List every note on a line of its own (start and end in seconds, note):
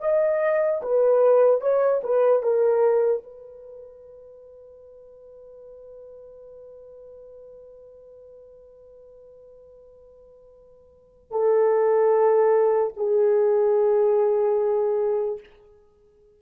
0.00 0.81 D#5
0.82 1.61 B4
1.61 2.01 C#5
2.03 2.43 B4
2.43 3.23 A#4
3.23 11.31 B4
11.31 12.93 A4
12.97 15.40 G#4